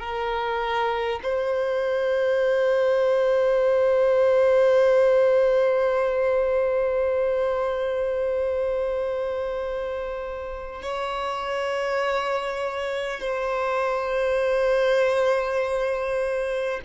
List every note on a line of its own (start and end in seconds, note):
0.00 1.20 A#4
1.23 10.83 C5
10.83 13.21 C#5
13.21 16.81 C5